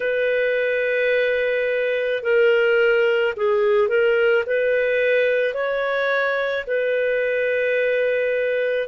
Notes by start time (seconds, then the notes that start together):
0.00 B4
2.22 A#4
3.36 G#4
3.88 A#4
4.46 B4
5.54 C#5
6.66 B4